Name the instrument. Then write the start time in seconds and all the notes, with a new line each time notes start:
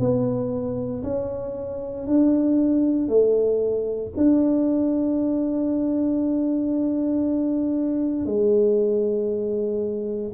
tuba
0.00 B3
1.03 C#4
2.07 D4
3.09 A3
4.17 D4
8.26 G#3